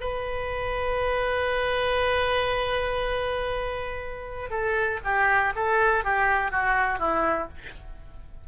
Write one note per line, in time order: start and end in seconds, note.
0.00 4.50 B4
4.50 5.00 A4
5.04 5.53 G4
5.56 6.04 A4
6.04 6.51 G4
6.51 6.99 F#4
6.99 7.48 E4